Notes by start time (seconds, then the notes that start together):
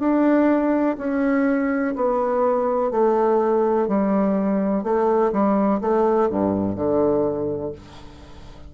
0.00 D4
0.99 C#4
1.96 B3
2.92 A3
3.88 G3
4.84 A3
5.33 G3
5.82 A3
6.29 G2
6.76 D3